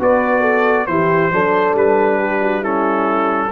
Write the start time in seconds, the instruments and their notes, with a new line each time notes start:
0.00 tuba B3, trombone F#4, horn B4, trumpet D5
0.41 horn A4
0.87 tuba E3, trombone E4, horn G4, trumpet C5
1.32 tuba F#3, trombone D4, horn A4
1.74 tuba G3, trumpet B4
2.18 horn G4
2.42 horn F#4
2.60 trombone C#4, horn E4, trumpet A4